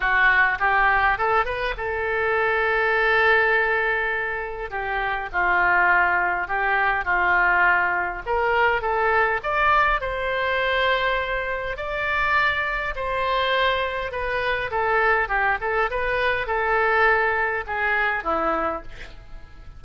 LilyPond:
\new Staff \with { instrumentName = "oboe" } { \time 4/4 \tempo 4 = 102 fis'4 g'4 a'8 b'8 a'4~ | a'1 | g'4 f'2 g'4 | f'2 ais'4 a'4 |
d''4 c''2. | d''2 c''2 | b'4 a'4 g'8 a'8 b'4 | a'2 gis'4 e'4 | }